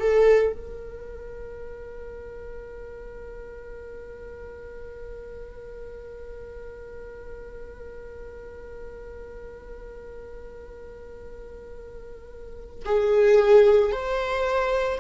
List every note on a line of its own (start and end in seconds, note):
0.00 0.53 A4
0.53 12.85 A#4
12.86 13.92 G#4
13.92 15.00 C5